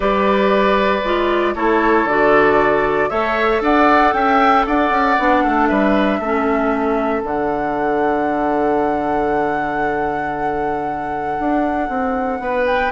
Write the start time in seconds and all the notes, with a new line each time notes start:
0.00 G3 G4 B4 D5
1.03 G#3 F4
1.55 A3 E4 A4 C#5
2.05 D3 F#4 D5
3.09 A3 A4 C#5 E5
3.60 D4 D5 F#5
4.13 C#4 E5 G5
4.66 D4 D5 F#5
4.89 C#4
5.18 B3 D4
5.43 A3 A4
5.66 G3 B4 E5
6.19 A3 C#4 A4
7.23 D3 D4 F#5
11.39 D4
11.88 C4
12.39 B3 B4
12.66 G5